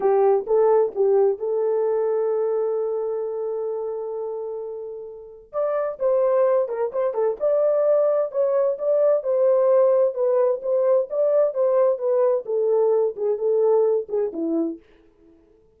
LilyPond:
\new Staff \with { instrumentName = "horn" } { \time 4/4 \tempo 4 = 130 g'4 a'4 g'4 a'4~ | a'1~ | a'1 | d''4 c''4. ais'8 c''8 a'8 |
d''2 cis''4 d''4 | c''2 b'4 c''4 | d''4 c''4 b'4 a'4~ | a'8 gis'8 a'4. gis'8 e'4 | }